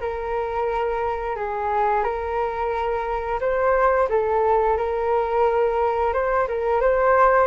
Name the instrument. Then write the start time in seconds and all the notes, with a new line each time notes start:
flute
0.00 A#4
1.36 G#4
2.03 A#4
3.40 C5
4.09 A4
4.77 A#4
6.13 C5
6.48 A#4
6.81 C5